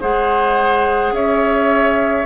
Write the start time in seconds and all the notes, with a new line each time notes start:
0.00 G#3 G#4 C5 F#5
1.12 C#4 C#5 E5